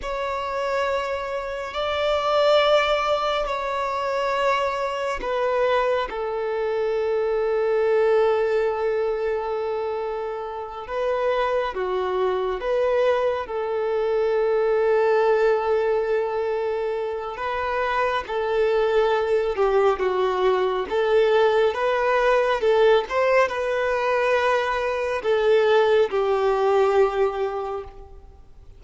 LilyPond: \new Staff \with { instrumentName = "violin" } { \time 4/4 \tempo 4 = 69 cis''2 d''2 | cis''2 b'4 a'4~ | a'1~ | a'8 b'4 fis'4 b'4 a'8~ |
a'1 | b'4 a'4. g'8 fis'4 | a'4 b'4 a'8 c''8 b'4~ | b'4 a'4 g'2 | }